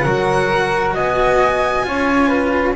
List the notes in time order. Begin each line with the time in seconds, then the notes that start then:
0.00 F#3 F#4 A#4 F#5
0.94 B3 D#5 G#5
1.83 C#4 F4 C#5
2.28 B4